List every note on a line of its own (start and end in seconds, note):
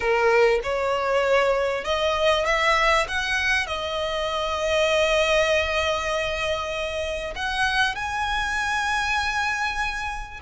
0.00 0.60 A#4
0.63 1.84 C#5
1.84 2.45 D#5
2.45 3.06 E5
3.08 3.67 F#5
3.67 7.34 D#5
7.35 7.95 F#5
7.95 10.40 G#5